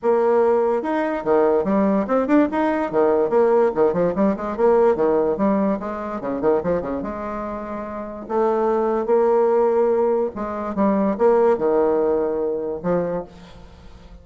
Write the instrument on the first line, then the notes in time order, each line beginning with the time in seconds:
bassoon
0.02 A#3
0.82 D#4
1.24 D#3
1.64 G3
2.07 C4
2.27 D4
2.51 D#4
2.91 D#3
3.29 A#3
3.74 D#3
3.93 F3
4.15 G3
4.36 G#3
4.56 A#3
4.95 D#3
5.37 G3
5.79 G#3
6.20 C#3
6.41 D#3
6.63 F3
6.81 C#3
7.02 G#3
8.28 A3
9.06 A#3
10.35 G#3
10.75 G3
11.18 A#3
11.57 D#3
12.82 F3